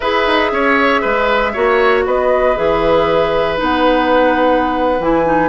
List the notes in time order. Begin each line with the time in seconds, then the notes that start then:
0.00 E4 G#4 B4 E5
0.26 D#4
0.51 C#4 C#5
1.01 G#3 B4
1.53 A#3 F#4 C#5
2.06 B3 B4 D#5
2.55 E3 G#4 E5
3.56 B3 D#4 F#5
4.99 E3 E4 G#5
5.26 D#4